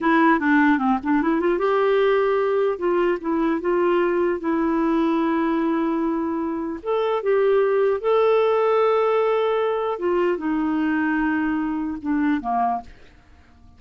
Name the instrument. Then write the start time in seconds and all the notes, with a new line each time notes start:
clarinet
0.01 E4
0.39 D4
0.78 C4
1.03 D4
1.22 E4
1.40 F4
1.58 G4
2.78 F4
3.20 E4
3.60 F4
4.40 E4
6.83 A4
7.22 G4
8.01 A4
9.98 F4
10.37 D#4
12.01 D4
12.41 A#3